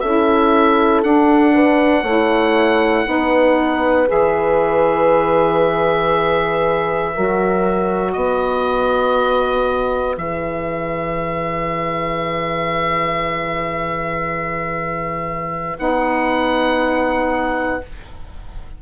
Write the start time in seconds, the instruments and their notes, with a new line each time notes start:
0.00 bassoon C#4, saxophone E4, horn A4, oboe E5
1.03 saxophone D4, bassoon D4, oboe F#5
1.54 horn B4
2.03 bassoon A3, saxophone E4, horn C#5
3.06 bassoon B3, saxophone D#4, horn B4
4.07 bassoon E3, saxophone G#4, oboe E5
7.14 bassoon F#3, saxophone F#4, horn A#4
8.12 bassoon B3, horn B4, oboe D#5
10.17 bassoon E3, saxophone G#4, oboe E5
15.77 bassoon B3, saxophone D#4, oboe F#5